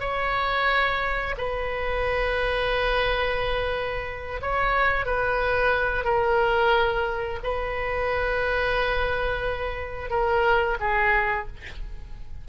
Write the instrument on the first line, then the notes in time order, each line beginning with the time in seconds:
oboe
0.00 C#5
1.37 B4
4.42 C#5
5.05 B4
6.04 A#4
7.43 B4
10.10 A#4
10.80 G#4